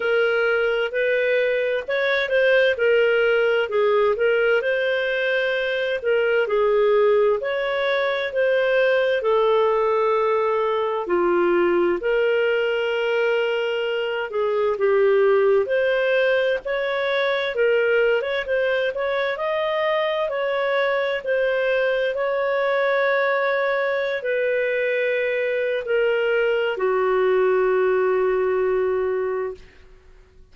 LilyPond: \new Staff \with { instrumentName = "clarinet" } { \time 4/4 \tempo 4 = 65 ais'4 b'4 cis''8 c''8 ais'4 | gis'8 ais'8 c''4. ais'8 gis'4 | cis''4 c''4 a'2 | f'4 ais'2~ ais'8 gis'8 |
g'4 c''4 cis''4 ais'8. cis''16 | c''8 cis''8 dis''4 cis''4 c''4 | cis''2~ cis''16 b'4.~ b'16 | ais'4 fis'2. | }